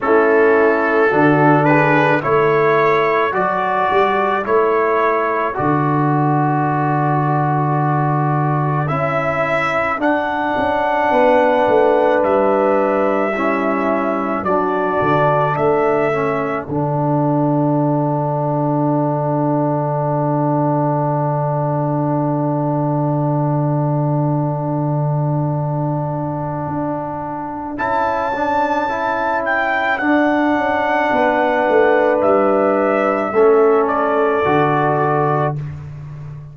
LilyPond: <<
  \new Staff \with { instrumentName = "trumpet" } { \time 4/4 \tempo 4 = 54 a'4. b'8 cis''4 d''4 | cis''4 d''2. | e''4 fis''2 e''4~ | e''4 d''4 e''4 fis''4~ |
fis''1~ | fis''1~ | fis''4 a''4. g''8 fis''4~ | fis''4 e''4. d''4. | }
  \new Staff \with { instrumentName = "horn" } { \time 4/4 e'4 fis'8 gis'8 a'2~ | a'1~ | a'2 b'2 | e'4 fis'4 a'2~ |
a'1~ | a'1~ | a'1 | b'2 a'2 | }
  \new Staff \with { instrumentName = "trombone" } { \time 4/4 cis'4 d'4 e'4 fis'4 | e'4 fis'2. | e'4 d'2. | cis'4 d'4. cis'8 d'4~ |
d'1~ | d'1~ | d'4 e'8 d'8 e'4 d'4~ | d'2 cis'4 fis'4 | }
  \new Staff \with { instrumentName = "tuba" } { \time 4/4 a4 d4 a4 fis8 g8 | a4 d2. | cis'4 d'8 cis'8 b8 a8 g4~ | g4 fis8 d8 a4 d4~ |
d1~ | d1 | d'4 cis'2 d'8 cis'8 | b8 a8 g4 a4 d4 | }
>>